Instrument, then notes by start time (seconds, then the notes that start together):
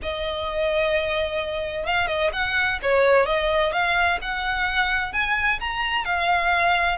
violin
0.02 D#5
1.85 F5
2.07 D#5
2.33 F#5
2.82 C#5
3.26 D#5
3.72 F5
4.21 F#5
5.12 G#5
5.60 A#5
6.04 F5